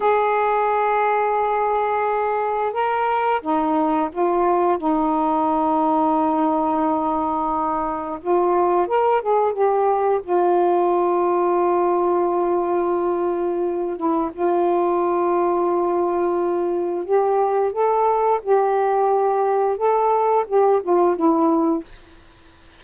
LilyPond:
\new Staff \with { instrumentName = "saxophone" } { \time 4/4 \tempo 4 = 88 gis'1 | ais'4 dis'4 f'4 dis'4~ | dis'1 | f'4 ais'8 gis'8 g'4 f'4~ |
f'1~ | f'8 e'8 f'2.~ | f'4 g'4 a'4 g'4~ | g'4 a'4 g'8 f'8 e'4 | }